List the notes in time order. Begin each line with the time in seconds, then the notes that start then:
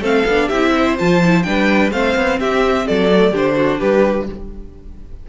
0.00 A3 C4 A4 F5
0.25 B3 D4
0.47 C4 E4 G4 E5
0.74 C5
0.97 F3 F4 A5
1.25 E4
1.42 G3 D4 B4 G5
1.91 A3 C4 C5 F5
2.15 B3
2.39 C4 G4 E5
2.87 F#3 A4 D5
3.10 A3
3.31 D3 D4 G4 C5
3.55 F#4
3.79 G3 G4 B4